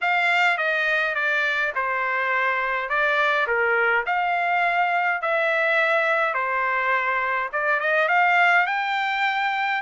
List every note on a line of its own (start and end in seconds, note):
0.01 0.57 F5
0.57 1.15 D#5
1.15 1.72 D5
1.75 2.89 C5
2.89 3.46 D5
3.47 4.04 A#4
4.06 5.21 F5
5.21 6.34 E5
6.34 7.49 C5
7.52 7.79 D5
7.79 8.08 D#5
8.08 8.66 F5
8.66 9.81 G5